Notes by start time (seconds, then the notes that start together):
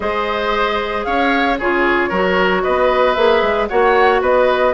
0.00 G#3 G#4 C5 D#5
1.04 C#4 C#5 F5
1.58 C#3 F4 G#4 C#5
2.09 F#3 F#4 A#4
2.63 B3 B4 D#5
3.13 A#3 G#4 E5
3.42 G#3
3.68 A#3 F#4 C#5 F#5
4.21 B3 B4 D#5